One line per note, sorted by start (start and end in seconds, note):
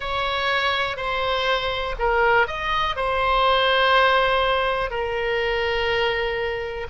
0.00 0.97 C#5
0.97 1.95 C5
1.99 2.47 A#4
2.47 2.96 D#5
2.96 4.90 C5
4.90 6.87 A#4